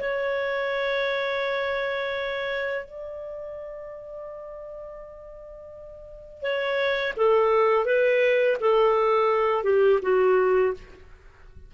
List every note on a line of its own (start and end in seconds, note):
0.00 2.85 C#5
2.85 6.42 D5
6.42 7.14 C#5
7.17 7.86 A4
7.86 8.57 B4
8.60 9.64 A4
9.64 10.00 G4
10.02 10.74 F#4